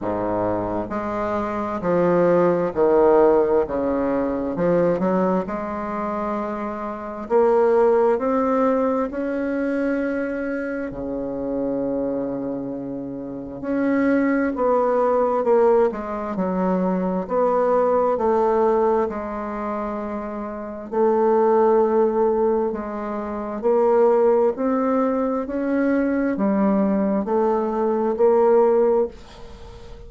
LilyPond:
\new Staff \with { instrumentName = "bassoon" } { \time 4/4 \tempo 4 = 66 gis,4 gis4 f4 dis4 | cis4 f8 fis8 gis2 | ais4 c'4 cis'2 | cis2. cis'4 |
b4 ais8 gis8 fis4 b4 | a4 gis2 a4~ | a4 gis4 ais4 c'4 | cis'4 g4 a4 ais4 | }